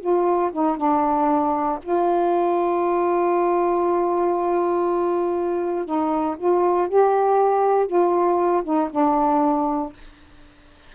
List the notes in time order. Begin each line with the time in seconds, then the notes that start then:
0.00 F4
0.52 D#4
0.77 D4
1.82 F4
5.85 D#4
6.37 F4
6.88 G4
7.86 F4
8.63 D#4
8.91 D4